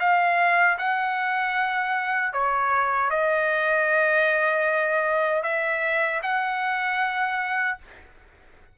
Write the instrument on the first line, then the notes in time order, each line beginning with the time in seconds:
trumpet
0.00 F5
0.78 F#5
2.33 C#5
3.11 D#5
5.43 E5
6.23 F#5